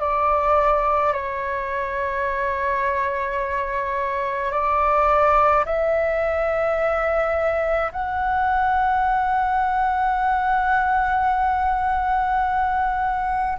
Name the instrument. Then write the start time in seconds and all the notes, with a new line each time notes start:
flute
0.00 D5
1.13 C#5
4.52 D5
5.66 E5
7.92 F#5